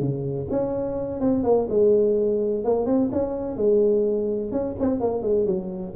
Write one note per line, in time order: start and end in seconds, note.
0.00 0.48 C#3
0.51 1.21 C#4
1.21 1.44 C4
1.44 1.68 A#3
1.70 2.65 G#3
2.65 2.86 A#3
2.86 3.10 C4
3.13 3.57 C#4
3.57 4.52 G#3
4.52 4.76 C#4
4.80 5.01 C4
5.01 5.23 A#3
5.23 5.47 G#3
5.47 5.94 F#3